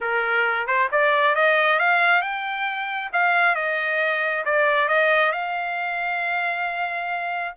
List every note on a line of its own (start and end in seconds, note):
0.00 0.66 A#4
0.66 0.88 C5
0.91 1.35 D5
1.35 1.79 D#5
1.79 2.21 F5
2.21 3.10 G5
3.12 3.55 F5
3.55 4.44 D#5
4.45 4.88 D5
4.88 5.32 D#5
5.32 7.54 F5